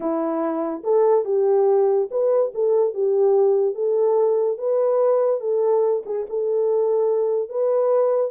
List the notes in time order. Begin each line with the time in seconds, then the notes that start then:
0.00 E4
0.83 A4
1.24 G4
2.10 B4
2.54 A4
2.93 G4
3.75 A4
4.57 B4
5.40 A4
6.05 G#4
6.29 A4
7.49 B4